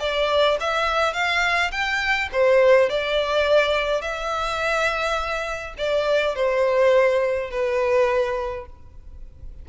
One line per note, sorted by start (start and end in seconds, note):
0.00 0.58 D5
0.60 1.14 E5
1.14 1.71 F5
1.72 2.29 G5
2.32 2.89 C5
2.89 4.01 D5
4.01 5.74 E5
5.78 6.35 D5
6.35 7.51 C5
7.51 8.66 B4